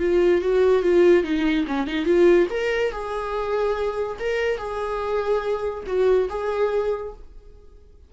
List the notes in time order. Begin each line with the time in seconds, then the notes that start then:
0.00 F4
0.42 F#4
0.83 F4
1.24 D#4
1.68 C#4
1.87 D#4
2.06 F4
2.51 A#4
2.92 G#4
4.20 A#4
4.58 G#4
5.87 F#4
6.30 G#4